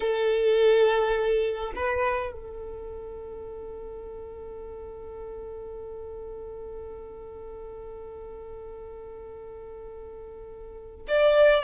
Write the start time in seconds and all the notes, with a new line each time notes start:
0.00 A4
1.75 B4
2.32 A4
11.08 D5